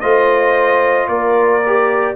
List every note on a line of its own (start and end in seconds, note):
0.00 1.08 A3
0.00 1.63 F4
0.00 1.08 C5
0.00 1.07 D#5
1.08 2.15 A#3
1.08 2.15 A#4
1.08 2.15 D5
1.66 2.15 G4